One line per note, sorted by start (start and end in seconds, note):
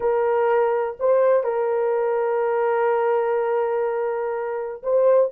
0.00 0.97 A#4
0.99 1.43 C5
1.43 4.82 A#4
4.82 5.31 C5